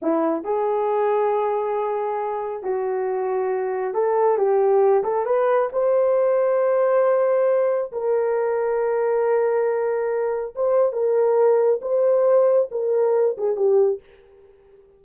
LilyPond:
\new Staff \with { instrumentName = "horn" } { \time 4/4 \tempo 4 = 137 e'4 gis'2.~ | gis'2 fis'2~ | fis'4 a'4 g'4. a'8 | b'4 c''2.~ |
c''2 ais'2~ | ais'1 | c''4 ais'2 c''4~ | c''4 ais'4. gis'8 g'4 | }